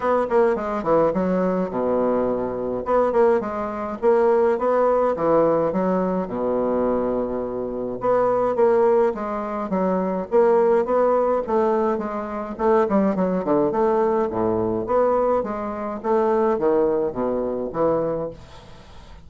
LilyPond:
\new Staff \with { instrumentName = "bassoon" } { \time 4/4 \tempo 4 = 105 b8 ais8 gis8 e8 fis4 b,4~ | b,4 b8 ais8 gis4 ais4 | b4 e4 fis4 b,4~ | b,2 b4 ais4 |
gis4 fis4 ais4 b4 | a4 gis4 a8 g8 fis8 d8 | a4 a,4 b4 gis4 | a4 dis4 b,4 e4 | }